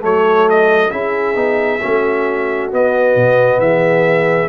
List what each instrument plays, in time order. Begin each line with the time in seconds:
0.00 tuba F#3, trombone A3, horn A4, trumpet C#5
0.50 trumpet D#5
0.91 tuba C#4, trombone E4, horn G#4, trumpet E5
1.35 tuba B3, trombone D#4
1.80 tuba A3, trombone C#4, horn F#4
2.71 trombone B3, tuba B3, trumpet D#5
3.16 tuba B2
3.59 tuba E3, horn G#4, trumpet E5